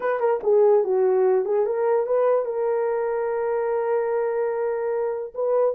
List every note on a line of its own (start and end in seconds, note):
0.00 0.19 B4
0.19 0.40 A#4
0.43 0.84 G#4
0.84 1.45 F#4
1.45 1.66 G#4
1.66 2.06 A#4
2.06 2.45 B4
2.45 5.33 A#4
5.34 5.75 B4